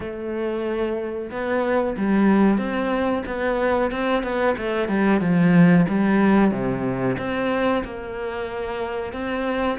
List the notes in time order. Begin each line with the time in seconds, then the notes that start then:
0.00 A3
1.31 B3
1.97 G3
2.58 C4
3.26 B3
3.91 C4
4.23 B3
4.57 A3
4.88 G3
5.21 F3
5.88 G3
6.51 C3
7.18 C4
7.84 A#3
9.12 C4